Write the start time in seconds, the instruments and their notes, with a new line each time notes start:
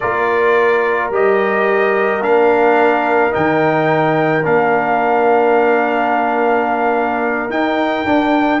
0.00 tuba A#3, trombone F4, horn A#4, trumpet D5
1.09 tuba G3, trombone G4, trumpet D#5
2.19 tuba A#3, trombone D4, trumpet F5
3.31 tuba D#3, trombone D#4, trumpet G5
4.44 tuba A#3, trombone D4, trumpet F5
7.49 tuba D#4, trombone D#4, trumpet G5
8.05 trombone D4, tuba D4